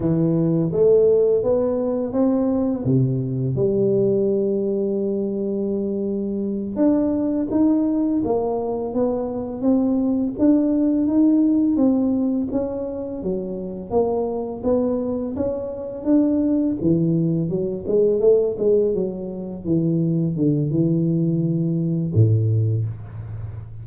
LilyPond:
\new Staff \with { instrumentName = "tuba" } { \time 4/4 \tempo 4 = 84 e4 a4 b4 c'4 | c4 g2.~ | g4. d'4 dis'4 ais8~ | ais8 b4 c'4 d'4 dis'8~ |
dis'8 c'4 cis'4 fis4 ais8~ | ais8 b4 cis'4 d'4 e8~ | e8 fis8 gis8 a8 gis8 fis4 e8~ | e8 d8 e2 a,4 | }